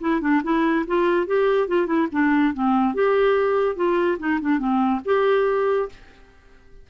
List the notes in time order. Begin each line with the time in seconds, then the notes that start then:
0.00 E4
0.21 D4
0.43 E4
0.87 F4
1.27 G4
1.68 F4
1.87 E4
2.12 D4
2.54 C4
2.94 G4
3.76 F4
4.19 D#4
4.41 D4
4.59 C4
5.05 G4